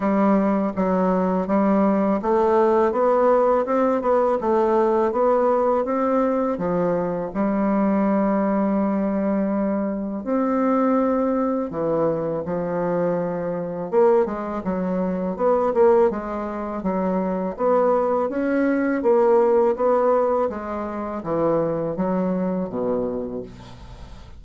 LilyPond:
\new Staff \with { instrumentName = "bassoon" } { \time 4/4 \tempo 4 = 82 g4 fis4 g4 a4 | b4 c'8 b8 a4 b4 | c'4 f4 g2~ | g2 c'2 |
e4 f2 ais8 gis8 | fis4 b8 ais8 gis4 fis4 | b4 cis'4 ais4 b4 | gis4 e4 fis4 b,4 | }